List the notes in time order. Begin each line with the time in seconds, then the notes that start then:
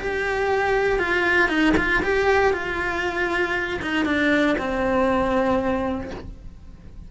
0.00 G4
0.99 F4
1.49 D#4
1.77 F4
2.03 G4
2.53 F4
3.82 D#4
4.05 D4
4.58 C4